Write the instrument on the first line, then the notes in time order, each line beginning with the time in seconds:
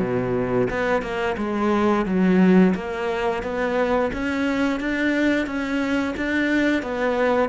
cello
0.00 B2
0.70 B3
1.02 A#3
1.37 G#3
2.06 F#3
2.75 A#3
3.43 B3
4.13 C#4
4.80 D4
5.46 C#4
6.17 D4
6.83 B3